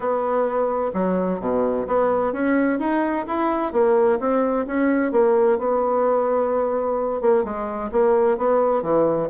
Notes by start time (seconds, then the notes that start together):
0.00 B3
0.93 F#3
1.40 B2
1.87 B3
2.32 C#4
2.79 D#4
3.27 E4
3.72 A#3
4.19 C4
4.66 C#4
5.11 A#3
5.58 B3
7.21 A#3
7.43 G#3
7.91 A#3
8.37 B3
8.82 E3